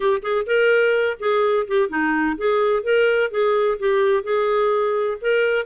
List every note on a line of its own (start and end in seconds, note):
0.00 0.22 G4
0.22 0.46 G#4
0.46 1.17 A#4
1.19 1.66 G#4
1.67 1.89 G4
1.89 2.36 D#4
2.37 2.83 G#4
2.83 3.30 A#4
3.30 3.78 G#4
3.79 4.23 G4
4.23 5.18 G#4
5.21 5.66 A#4